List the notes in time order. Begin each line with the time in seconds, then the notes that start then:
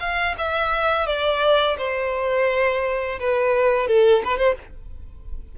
0.00 F5
0.39 E5
1.07 D5
1.78 C5
3.20 B4
3.88 A4
4.25 B4
4.38 C5